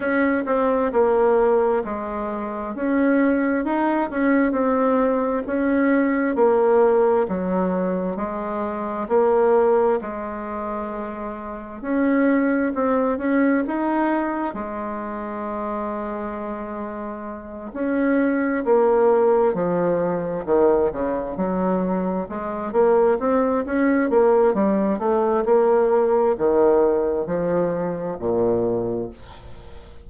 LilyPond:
\new Staff \with { instrumentName = "bassoon" } { \time 4/4 \tempo 4 = 66 cis'8 c'8 ais4 gis4 cis'4 | dis'8 cis'8 c'4 cis'4 ais4 | fis4 gis4 ais4 gis4~ | gis4 cis'4 c'8 cis'8 dis'4 |
gis2.~ gis8 cis'8~ | cis'8 ais4 f4 dis8 cis8 fis8~ | fis8 gis8 ais8 c'8 cis'8 ais8 g8 a8 | ais4 dis4 f4 ais,4 | }